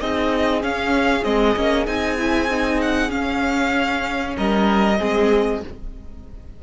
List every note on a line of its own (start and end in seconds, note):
0.00 0.63 C4
0.00 0.62 D#4
0.00 4.37 G#4
0.00 0.62 D#5
0.62 1.24 C#4
0.62 1.25 C#4
0.62 1.24 F5
1.24 1.56 G#3
1.24 1.56 C4
1.24 1.86 D#5
1.56 1.87 A#3
1.56 1.86 C#4
1.86 3.11 C4
1.86 2.17 D#4
1.86 2.80 G#5
2.18 2.50 E4
2.50 3.09 D#4
2.81 3.11 F#5
3.09 4.96 C#4
3.09 4.36 C#4
3.09 4.36 F5
4.37 5.00 G3
4.37 4.99 A#4
4.37 5.62 D#5
4.99 5.63 G#3
4.99 5.62 C4
4.99 5.61 G#4